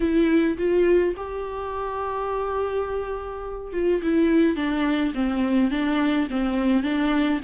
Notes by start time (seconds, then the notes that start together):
0.00 E4
0.57 F4
1.16 G4
3.72 F4
4.02 E4
4.56 D4
5.14 C4
5.70 D4
6.30 C4
6.83 D4